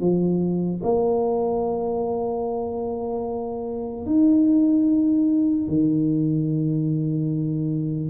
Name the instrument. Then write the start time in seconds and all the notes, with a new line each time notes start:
tuba
0.00 F3
0.83 A#3
4.05 D#4
5.68 D#3